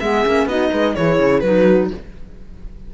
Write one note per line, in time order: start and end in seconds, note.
0.00 0.26 G#3
0.00 0.25 B3
0.00 0.48 G#4
0.00 0.48 E5
0.25 0.46 A#3
0.25 0.49 C#4
0.46 0.70 B3
0.46 0.96 D#4
0.46 0.71 F#4
0.46 0.95 D#5
0.71 0.97 G#3
0.71 0.95 B4
0.95 1.20 E3
0.95 1.43 E4
0.95 1.45 G#4
0.95 1.40 C#5
1.20 1.43 C#3
1.40 1.91 F#3
1.40 1.91 D#4
1.40 1.88 B4
1.47 1.94 F#4